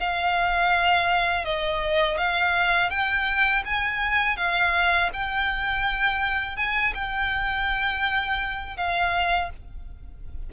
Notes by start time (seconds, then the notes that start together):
0.00 F5
1.45 D#5
2.18 F5
2.90 G5
3.66 G#5
4.37 F5
5.14 G5
6.57 G#5
6.95 G5
8.77 F5